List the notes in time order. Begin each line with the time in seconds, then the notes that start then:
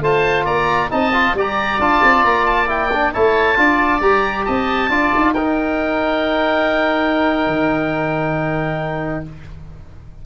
0.00 A3 F4 C5 A5
0.44 A#3 D5 A#5
0.89 C4 D#4 D#5 A5
1.13 F4
1.34 G3 G4 D5
1.40 A#5
1.78 D4 F4 A5
2.02 C4
2.24 A#3 A#5
2.45 A5
2.67 E4 G5
2.92 D4
3.13 A3 E4 C#5 A5
3.56 D4 F4 D5
4.00 G3 G4 A#5
4.45 C4 D#5 A5
4.89 D4 F4 D5
5.15 D#4
5.34 D#4 A#4 G5
7.46 D#3